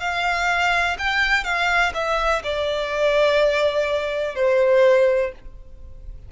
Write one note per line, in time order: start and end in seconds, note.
0.00 0.97 F5
0.98 1.44 G5
1.44 1.92 F5
1.94 2.42 E5
2.44 4.35 D5
4.35 5.32 C5